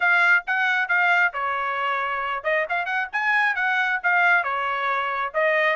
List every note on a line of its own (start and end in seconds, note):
0.00 0.44 F5
0.47 0.88 F#5
0.88 1.33 F5
1.33 2.43 C#5
2.43 2.65 D#5
2.69 2.85 F5
2.85 3.08 F#5
3.12 3.55 G#5
3.55 3.99 F#5
4.03 4.43 F5
4.43 5.32 C#5
5.34 5.76 D#5